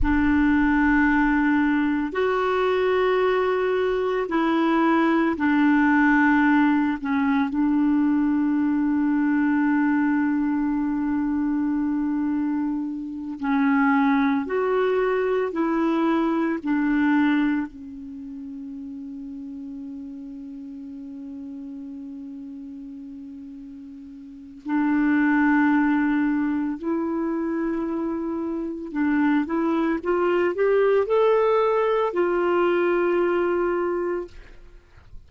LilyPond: \new Staff \with { instrumentName = "clarinet" } { \time 4/4 \tempo 4 = 56 d'2 fis'2 | e'4 d'4. cis'8 d'4~ | d'1~ | d'8 cis'4 fis'4 e'4 d'8~ |
d'8 cis'2.~ cis'8~ | cis'2. d'4~ | d'4 e'2 d'8 e'8 | f'8 g'8 a'4 f'2 | }